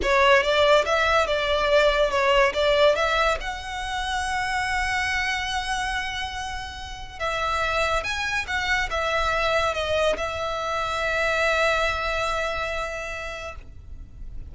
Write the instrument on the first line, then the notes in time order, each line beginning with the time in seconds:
violin
0.02 C#5
0.42 D5
0.85 E5
1.26 D5
2.10 C#5
2.53 D5
2.95 E5
3.40 F#5
7.19 E5
8.03 G#5
8.47 F#5
8.90 E5
9.74 D#5
10.17 E5